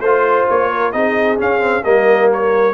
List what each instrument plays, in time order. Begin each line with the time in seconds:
0.00 tuba A3, trombone F4, trumpet C5, horn C5
0.50 tuba A#3, trumpet C#5
0.69 horn A#4
0.92 tuba C4, trombone D#4, horn G#4, trumpet D#5
1.38 trombone C#4, tuba C#4, trumpet F5
1.60 trombone C4
1.84 tuba G3, trombone A#3, horn A#4, trumpet D#5
2.33 trumpet C#5